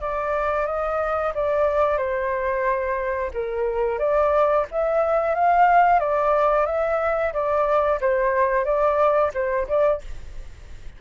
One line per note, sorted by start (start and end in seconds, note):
0.00 0.66 D5
0.66 1.33 D#5
1.34 1.97 D5
1.97 3.31 C5
3.33 3.98 A#4
3.98 4.65 D5
4.71 5.35 E5
5.35 5.99 F5
5.99 6.66 D5
6.66 7.32 E5
7.33 7.99 D5
8.00 8.64 C5
8.64 9.31 D5
9.34 9.67 C5
9.68 10.01 D5